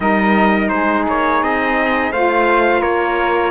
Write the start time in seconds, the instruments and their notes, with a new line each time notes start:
0.00 cello G3, saxophone D#4, flute A#4, trumpet D#5
0.68 cello G#3, flute G#4, trumpet C5
1.08 cello A#3, trumpet C#5
1.42 cello C4, trumpet D#5
2.11 cello A3, saxophone F4, flute C5, trumpet F5
2.80 cello A#3, flute A#4, trumpet C#5